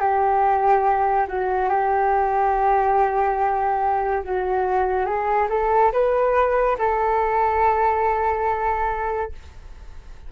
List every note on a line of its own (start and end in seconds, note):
0.00 1.27 G4
1.28 1.69 F#4
1.69 4.23 G4
4.24 5.06 F#4
5.06 5.48 G#4
5.50 5.92 A4
5.93 6.77 B4
6.79 9.32 A4